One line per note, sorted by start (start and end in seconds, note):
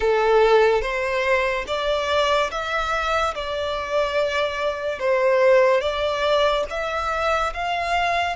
0.00 0.81 A4
0.81 1.64 C5
1.67 2.50 D5
2.51 3.34 E5
3.34 4.99 D5
4.99 5.80 C5
5.80 6.64 D5
6.69 7.53 E5
7.53 8.36 F5